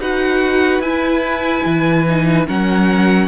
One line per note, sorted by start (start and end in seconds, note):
0.00 0.80 D#4
0.00 0.82 F#4
0.00 2.47 B4
0.00 0.81 F#5
0.80 1.62 E4
0.80 2.07 E4
0.80 2.46 G#5
1.66 2.48 E3
2.09 2.47 D#4
2.47 3.28 F#3
2.47 3.28 C#4
2.47 3.28 A#4
2.47 3.28 F#5